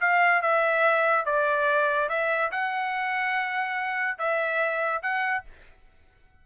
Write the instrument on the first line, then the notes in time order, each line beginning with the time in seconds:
trumpet
0.00 F5
0.42 E5
1.25 D5
2.09 E5
2.51 F#5
4.18 E5
5.02 F#5